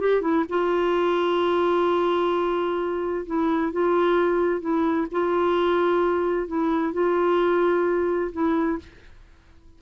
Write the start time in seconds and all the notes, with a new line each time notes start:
0.00 G4
0.22 E4
0.49 F4
3.26 E4
3.72 F4
4.61 E4
5.11 F4
6.48 E4
6.93 F4
8.32 E4